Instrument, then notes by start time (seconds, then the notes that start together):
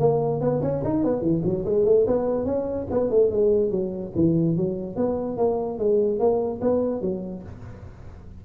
tuba
0.00 A#3
0.41 B3
0.62 C#4
0.84 D#4
1.04 B3
1.22 E3
1.45 F#3
1.66 G#3
1.86 A3
2.07 B3
2.45 C#4
2.91 B3
3.11 A3
3.31 G#3
3.71 F#3
4.15 E3
4.57 F#3
4.96 B3
5.38 A#3
5.79 G#3
6.19 A#3
6.61 B3
7.02 F#3